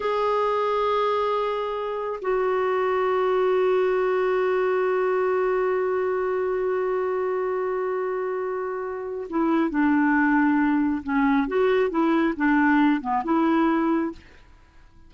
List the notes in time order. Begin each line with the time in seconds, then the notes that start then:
0.00 G#4
2.21 F#4
9.29 E4
9.69 D4
11.03 C#4
11.47 F#4
11.89 E4
12.36 D4
13.01 B3
13.24 E4